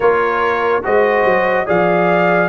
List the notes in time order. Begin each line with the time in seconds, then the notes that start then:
0.00 A#3 F4 A#4 C#5
0.82 G#3 F#4 C5 D#5
1.24 F#3
1.66 F3 G#4 D5 F5